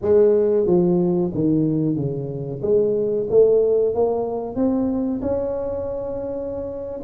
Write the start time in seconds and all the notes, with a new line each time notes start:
0.01 G#3
0.66 F3
1.34 D#3
1.96 C#3
2.61 G#3
3.29 A3
3.94 A#3
4.55 C4
5.21 C#4